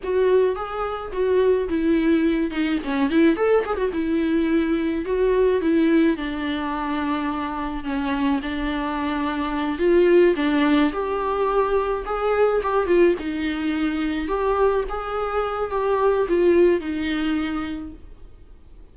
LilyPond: \new Staff \with { instrumentName = "viola" } { \time 4/4 \tempo 4 = 107 fis'4 gis'4 fis'4 e'4~ | e'8 dis'8 cis'8 e'8 a'8 gis'16 fis'16 e'4~ | e'4 fis'4 e'4 d'4~ | d'2 cis'4 d'4~ |
d'4. f'4 d'4 g'8~ | g'4. gis'4 g'8 f'8 dis'8~ | dis'4. g'4 gis'4. | g'4 f'4 dis'2 | }